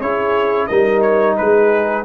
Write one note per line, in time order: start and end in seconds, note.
0.00 0.68 C#4
0.00 0.70 E4
0.00 0.68 G#4
0.00 0.67 C#5
0.67 1.38 G3
0.67 2.05 D#4
0.67 1.36 A#4
0.67 1.01 D#5
1.01 1.35 C#5
1.37 2.05 G#3
1.37 2.05 G#4
1.37 2.05 B4